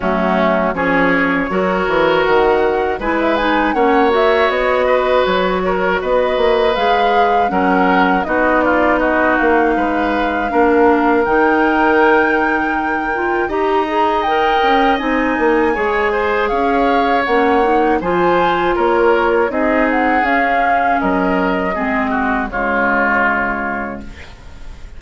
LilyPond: <<
  \new Staff \with { instrumentName = "flute" } { \time 4/4 \tempo 4 = 80 fis'4 cis''2 fis''4 | gis''16 e''16 gis''8 fis''8 e''8 dis''4 cis''4 | dis''4 f''4 fis''4 dis''8 d''8 | dis''8 f''2~ f''8 g''4~ |
g''2 ais''4 g''4 | gis''2 f''4 fis''4 | gis''4 cis''4 dis''8 fis''8 f''4 | dis''2 cis''2 | }
  \new Staff \with { instrumentName = "oboe" } { \time 4/4 cis'4 gis'4 ais'2 | b'4 cis''4. b'4 ais'8 | b'2 ais'4 fis'8 f'8 | fis'4 b'4 ais'2~ |
ais'2 dis''2~ | dis''4 cis''8 c''8 cis''2 | c''4 ais'4 gis'2 | ais'4 gis'8 fis'8 f'2 | }
  \new Staff \with { instrumentName = "clarinet" } { \time 4/4 a4 cis'4 fis'2 | e'8 dis'8 cis'8 fis'2~ fis'8~ | fis'4 gis'4 cis'4 dis'4~ | dis'2 d'4 dis'4~ |
dis'4. f'8 g'8 gis'8 ais'4 | dis'4 gis'2 cis'8 dis'8 | f'2 dis'4 cis'4~ | cis'4 c'4 gis2 | }
  \new Staff \with { instrumentName = "bassoon" } { \time 4/4 fis4 f4 fis8 e8 dis4 | gis4 ais4 b4 fis4 | b8 ais8 gis4 fis4 b4~ | b8 ais8 gis4 ais4 dis4~ |
dis2 dis'4. cis'8 | c'8 ais8 gis4 cis'4 ais4 | f4 ais4 c'4 cis'4 | fis4 gis4 cis2 | }
>>